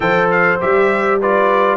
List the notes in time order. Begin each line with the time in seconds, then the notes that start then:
0.00 F3 A4 C5 G5
0.30 F5
0.60 G3 G4 E5
1.20 F4 B4 D5